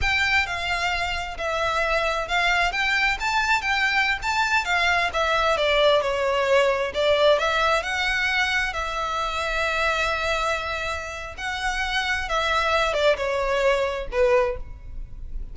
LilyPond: \new Staff \with { instrumentName = "violin" } { \time 4/4 \tempo 4 = 132 g''4 f''2 e''4~ | e''4 f''4 g''4 a''4 | g''4~ g''16 a''4 f''4 e''8.~ | e''16 d''4 cis''2 d''8.~ |
d''16 e''4 fis''2 e''8.~ | e''1~ | e''4 fis''2 e''4~ | e''8 d''8 cis''2 b'4 | }